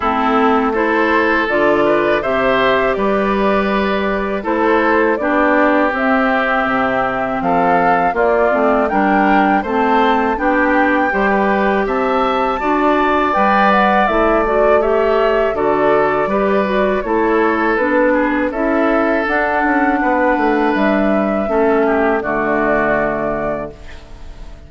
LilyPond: <<
  \new Staff \with { instrumentName = "flute" } { \time 4/4 \tempo 4 = 81 a'4 c''4 d''4 e''4 | d''2 c''4 d''4 | e''2 f''4 d''4 | g''4 a''4 g''2 |
a''2 g''8 fis''8 e''8 d''8 | e''4 d''2 cis''4 | b'4 e''4 fis''2 | e''2 d''2 | }
  \new Staff \with { instrumentName = "oboe" } { \time 4/4 e'4 a'4. b'8 c''4 | b'2 a'4 g'4~ | g'2 a'4 f'4 | ais'4 c''4 g'4 c''16 b'8. |
e''4 d''2. | cis''4 a'4 b'4 a'4~ | a'8 gis'8 a'2 b'4~ | b'4 a'8 g'8 fis'2 | }
  \new Staff \with { instrumentName = "clarinet" } { \time 4/4 c'4 e'4 f'4 g'4~ | g'2 e'4 d'4 | c'2. ais8 c'8 | d'4 c'4 d'4 g'4~ |
g'4 fis'4 b'4 e'8 fis'8 | g'4 fis'4 g'8 fis'8 e'4 | d'4 e'4 d'2~ | d'4 cis'4 a2 | }
  \new Staff \with { instrumentName = "bassoon" } { \time 4/4 a2 d4 c4 | g2 a4 b4 | c'4 c4 f4 ais8 a8 | g4 a4 b4 g4 |
c'4 d'4 g4 a4~ | a4 d4 g4 a4 | b4 cis'4 d'8 cis'8 b8 a8 | g4 a4 d2 | }
>>